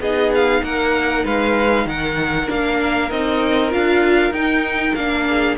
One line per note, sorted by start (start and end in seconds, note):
0.00 0.62 B3
0.00 2.48 D#4
0.00 0.63 G#4
0.00 0.33 D#5
0.35 0.64 F5
0.63 1.25 A#3
0.63 1.25 A#4
0.63 1.26 F#5
1.25 1.86 G#3
1.25 1.87 B4
1.25 1.88 F5
1.86 2.48 D#3
1.86 5.28 A#4
1.86 2.50 F#5
2.48 3.11 A#3
2.48 3.10 D4
2.48 3.10 F5
3.10 3.73 C4
3.10 3.71 D#4
3.10 3.72 D#5
3.71 4.32 D4
3.71 4.33 F4
3.71 4.34 F5
4.32 4.94 D#4
4.32 4.96 D#4
4.32 4.95 G5
4.95 5.58 A#3
4.95 5.58 D4
4.95 5.57 F5
5.28 5.58 G#4